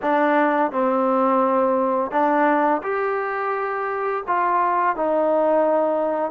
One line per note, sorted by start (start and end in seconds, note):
0.02 0.71 D4
0.71 2.11 C4
2.11 2.81 D4
2.82 4.24 G4
4.27 4.96 F4
4.96 6.31 D#4